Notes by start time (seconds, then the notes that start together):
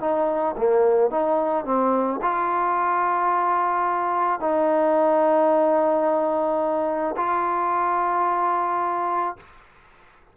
0.00 D#4
0.57 A#3
1.11 D#4
1.65 C4
2.22 F4
4.40 D#4
7.17 F4